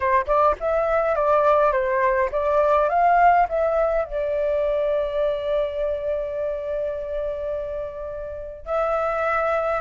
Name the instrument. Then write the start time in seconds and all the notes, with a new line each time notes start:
flute
0.00 C5
0.26 D5
0.60 E5
1.15 D5
1.72 C5
2.31 D5
2.89 F5
3.48 E5
4.04 D5
8.65 E5